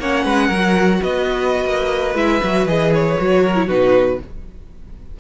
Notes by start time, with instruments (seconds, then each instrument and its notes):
0.00 cello A#3, viola C#4, violin C#5 F#5
0.25 cello G#3, violin B4
0.48 cello F#3, violin A#4
0.55 viola F#4
1.02 cello B3, violin B4 D#5
1.65 cello A#3
2.15 cello G#3, viola E4, violin E5
2.44 cello F#3, viola F#4
2.66 cello E3, viola G#4, violin D#5
2.94 violin C#5
3.18 cello F#3, viola F#4
3.44 violin A#4
3.56 viola E4
3.67 cello B2, viola D#4, violin F#4 B4